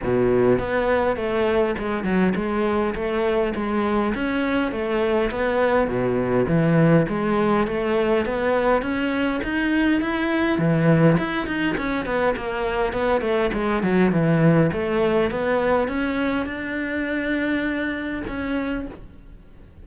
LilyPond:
\new Staff \with { instrumentName = "cello" } { \time 4/4 \tempo 4 = 102 b,4 b4 a4 gis8 fis8 | gis4 a4 gis4 cis'4 | a4 b4 b,4 e4 | gis4 a4 b4 cis'4 |
dis'4 e'4 e4 e'8 dis'8 | cis'8 b8 ais4 b8 a8 gis8 fis8 | e4 a4 b4 cis'4 | d'2. cis'4 | }